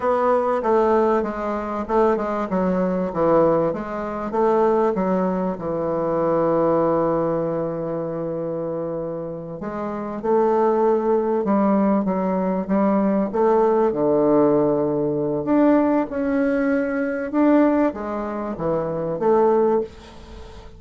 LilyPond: \new Staff \with { instrumentName = "bassoon" } { \time 4/4 \tempo 4 = 97 b4 a4 gis4 a8 gis8 | fis4 e4 gis4 a4 | fis4 e2.~ | e2.~ e8 gis8~ |
gis8 a2 g4 fis8~ | fis8 g4 a4 d4.~ | d4 d'4 cis'2 | d'4 gis4 e4 a4 | }